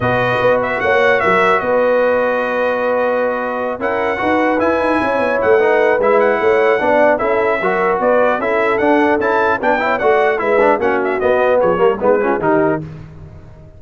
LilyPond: <<
  \new Staff \with { instrumentName = "trumpet" } { \time 4/4 \tempo 4 = 150 dis''4. e''8 fis''4 e''4 | dis''1~ | dis''4. fis''2 gis''8~ | gis''4. fis''4. e''8 fis''8~ |
fis''2 e''2 | d''4 e''4 fis''4 a''4 | g''4 fis''4 e''4 fis''8 e''8 | dis''4 cis''4 b'4 ais'4 | }
  \new Staff \with { instrumentName = "horn" } { \time 4/4 b'2 cis''4 ais'4 | b'1~ | b'4. ais'4 b'4.~ | b'8 cis''4. b'2 |
cis''4 d''4 a'4 ais'4 | b'4 a'2. | b'8 cis''8 d''4 b'4 fis'4~ | fis'4 gis'8 ais'8 dis'8 f'8 g'4 | }
  \new Staff \with { instrumentName = "trombone" } { \time 4/4 fis'1~ | fis'1~ | fis'4. e'4 fis'4 e'8~ | e'2 dis'4 e'4~ |
e'4 d'4 e'4 fis'4~ | fis'4 e'4 d'4 e'4 | d'8 e'8 fis'4 e'8 d'8 cis'4 | b4. ais8 b8 cis'8 dis'4 | }
  \new Staff \with { instrumentName = "tuba" } { \time 4/4 b,4 b4 ais4 fis4 | b1~ | b4. cis'4 dis'4 e'8 | dis'8 cis'8 b8 a4. gis4 |
a4 b4 cis'4 fis4 | b4 cis'4 d'4 cis'4 | b4 a4 gis4 ais4 | b4 f8 g8 gis4 dis4 | }
>>